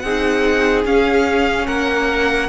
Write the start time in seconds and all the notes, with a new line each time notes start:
0.00 C4 D#4 G#4 F#5
0.85 C#4 F5
1.67 A#3 A#4 F#5